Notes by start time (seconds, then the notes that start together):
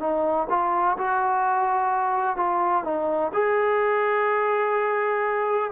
0.00 D#4
0.49 F4
0.98 F#4
2.37 F4
2.84 D#4
3.34 G#4